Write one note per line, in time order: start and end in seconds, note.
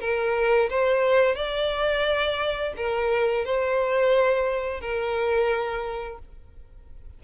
0.00 0.69 A#4
0.70 1.35 C5
1.35 2.73 D5
2.76 3.45 A#4
3.45 4.81 C5
4.81 6.18 A#4